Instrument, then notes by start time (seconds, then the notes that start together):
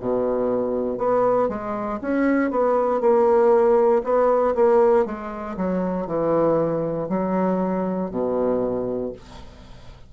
bassoon
0.00 B2
0.98 B3
1.48 G#3
2.02 C#4
2.51 B3
3.00 A#3
4.04 B3
4.55 A#3
5.05 G#3
5.57 F#3
6.06 E3
7.09 F#3
8.11 B2